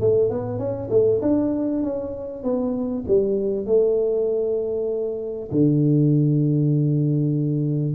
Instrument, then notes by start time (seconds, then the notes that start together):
tuba
0.00 A3
0.30 B3
0.58 C#4
0.90 A3
1.22 D4
1.83 C#4
2.43 B3
3.07 G3
3.66 A3
5.51 D3